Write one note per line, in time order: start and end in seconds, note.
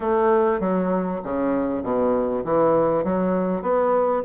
0.00 0.60 A3
0.60 1.20 F#3
1.23 1.82 C#3
1.82 2.43 B2
2.44 3.03 E3
3.03 3.62 F#3
3.62 4.22 B3